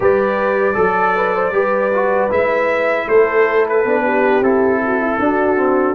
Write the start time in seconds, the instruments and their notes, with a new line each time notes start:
0.00 tuba G3, trombone G4, horn B4, trumpet D5
0.74 tuba F#3, trombone A4, horn A4
1.16 horn B4
1.34 horn C5
1.50 tuba G3, trombone G4, horn B4
1.94 trombone F#4
2.30 tuba G#3, trombone E4, trumpet E5
3.07 tuba A3, horn A4, trumpet C5
3.69 trumpet B4
3.84 tuba B3, trombone D4
4.04 horn G4
4.40 tuba C4, trombone E4, trumpet A4
4.84 horn F#4
5.01 horn E4
5.19 tuba D4, trombone D4, horn F#4
5.56 trombone C4